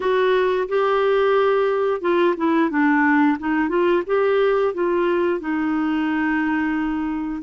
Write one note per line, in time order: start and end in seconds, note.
0.00 0.67 F#4
0.68 2.01 G4
2.01 2.34 F4
2.36 2.70 E4
2.70 3.37 D4
3.38 3.69 D#4
3.69 4.02 F4
4.06 4.73 G4
4.74 5.40 F4
5.40 7.42 D#4